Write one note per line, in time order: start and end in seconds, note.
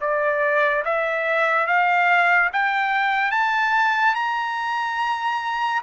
0.00 0.83 D5
0.85 1.67 E5
1.67 2.50 F5
2.53 3.31 G5
3.31 4.14 A5
4.15 5.81 A#5